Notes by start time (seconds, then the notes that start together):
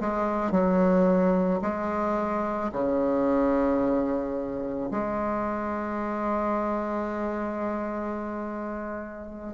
0.00 G#3
0.51 F#3
1.62 G#3
2.72 C#3
4.91 G#3